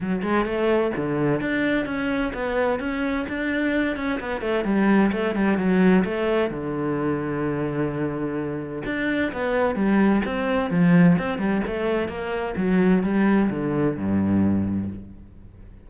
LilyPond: \new Staff \with { instrumentName = "cello" } { \time 4/4 \tempo 4 = 129 fis8 gis8 a4 d4 d'4 | cis'4 b4 cis'4 d'4~ | d'8 cis'8 b8 a8 g4 a8 g8 | fis4 a4 d2~ |
d2. d'4 | b4 g4 c'4 f4 | c'8 g8 a4 ais4 fis4 | g4 d4 g,2 | }